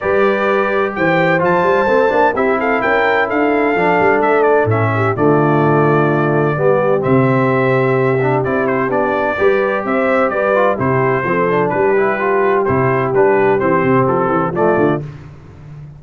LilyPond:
<<
  \new Staff \with { instrumentName = "trumpet" } { \time 4/4 \tempo 4 = 128 d''2 g''4 a''4~ | a''4 e''8 f''8 g''4 f''4~ | f''4 e''8 d''8 e''4 d''4~ | d''2. e''4~ |
e''2 d''8 c''8 d''4~ | d''4 e''4 d''4 c''4~ | c''4 b'2 c''4 | b'4 c''4 a'4 d''4 | }
  \new Staff \with { instrumentName = "horn" } { \time 4/4 b'2 c''2~ | c''4 g'8 a'8 ais'4 a'4~ | a'2~ a'8 g'8 f'4~ | f'2 g'2~ |
g'1 | b'4 c''4 b'4 g'4 | a'4 g'2.~ | g'2. f'4 | }
  \new Staff \with { instrumentName = "trombone" } { \time 4/4 g'2. f'4 | c'8 d'8 e'2. | d'2 cis'4 a4~ | a2 b4 c'4~ |
c'4. d'8 e'4 d'4 | g'2~ g'8 f'8 e'4 | c'8 d'4 e'8 f'4 e'4 | d'4 c'2 a4 | }
  \new Staff \with { instrumentName = "tuba" } { \time 4/4 g2 e4 f8 g8 | a8 ais8 c'4 cis'4 d'4 | f8 g8 a4 a,4 d4~ | d2 g4 c4~ |
c2 c'4 b4 | g4 c'4 g4 c4 | f4 g2 c4 | g4 e8 c8 f8 e8 f8 d8 | }
>>